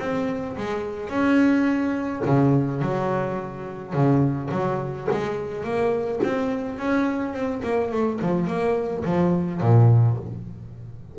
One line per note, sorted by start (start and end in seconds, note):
0.00 0.57 C4
0.57 1.09 G#3
1.09 2.23 C#4
2.25 2.82 C#3
2.82 3.93 F#3
3.93 4.50 C#3
4.52 5.08 F#3
5.11 5.64 G#3
5.64 6.21 A#3
6.24 6.79 C4
6.79 7.34 C#4
7.34 7.62 C4
7.63 7.91 A#3
7.91 8.20 A3
8.22 8.47 F3
8.47 9.04 A#3
9.05 9.61 F3
9.61 10.18 A#2